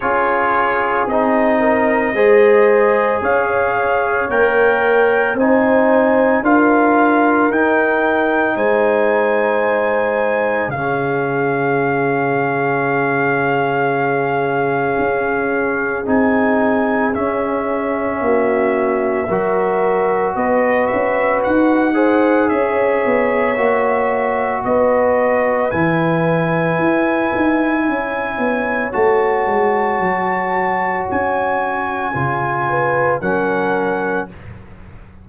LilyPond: <<
  \new Staff \with { instrumentName = "trumpet" } { \time 4/4 \tempo 4 = 56 cis''4 dis''2 f''4 | g''4 gis''4 f''4 g''4 | gis''2 f''2~ | f''2. gis''4 |
e''2. dis''8 e''8 | fis''4 e''2 dis''4 | gis''2. a''4~ | a''4 gis''2 fis''4 | }
  \new Staff \with { instrumentName = "horn" } { \time 4/4 gis'4. ais'8 c''4 cis''4~ | cis''4 c''4 ais'2 | c''2 gis'2~ | gis'1~ |
gis'4 fis'4 ais'4 b'4~ | b'8 c''8 cis''2 b'4~ | b'2 cis''2~ | cis''2~ cis''8 b'8 ais'4 | }
  \new Staff \with { instrumentName = "trombone" } { \time 4/4 f'4 dis'4 gis'2 | ais'4 dis'4 f'4 dis'4~ | dis'2 cis'2~ | cis'2. dis'4 |
cis'2 fis'2~ | fis'8 gis'4. fis'2 | e'2. fis'4~ | fis'2 f'4 cis'4 | }
  \new Staff \with { instrumentName = "tuba" } { \time 4/4 cis'4 c'4 gis4 cis'4 | ais4 c'4 d'4 dis'4 | gis2 cis2~ | cis2 cis'4 c'4 |
cis'4 ais4 fis4 b8 cis'8 | dis'4 cis'8 b8 ais4 b4 | e4 e'8 dis'8 cis'8 b8 a8 gis8 | fis4 cis'4 cis4 fis4 | }
>>